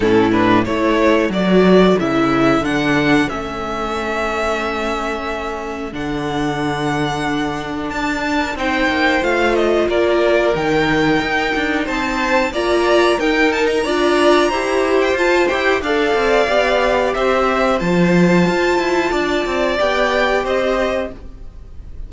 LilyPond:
<<
  \new Staff \with { instrumentName = "violin" } { \time 4/4 \tempo 4 = 91 a'8 b'8 cis''4 d''4 e''4 | fis''4 e''2.~ | e''4 fis''2. | a''4 g''4 f''8 dis''8 d''4 |
g''2 a''4 ais''4 | g''8 a''16 ais''2 g''16 a''8 g''8 | f''2 e''4 a''4~ | a''2 g''4 dis''4 | }
  \new Staff \with { instrumentName = "violin" } { \time 4/4 e'4 a'2.~ | a'1~ | a'1~ | a'8. ais'16 c''2 ais'4~ |
ais'2 c''4 d''4 | ais'4 d''4 c''2 | d''2 c''2~ | c''4 d''2 c''4 | }
  \new Staff \with { instrumentName = "viola" } { \time 4/4 cis'8 d'8 e'4 fis'4 e'4 | d'4 cis'2.~ | cis'4 d'2.~ | d'4 dis'4 f'2 |
dis'2. f'4 | dis'4 f'4 g'4 f'8 g'8 | a'4 g'2 f'4~ | f'2 g'2 | }
  \new Staff \with { instrumentName = "cello" } { \time 4/4 a,4 a4 fis4 cis4 | d4 a2.~ | a4 d2. | d'4 c'8 ais8 a4 ais4 |
dis4 dis'8 d'8 c'4 ais4 | dis'4 d'4 e'4 f'8 e'8 | d'8 c'8 b4 c'4 f4 | f'8 e'8 d'8 c'8 b4 c'4 | }
>>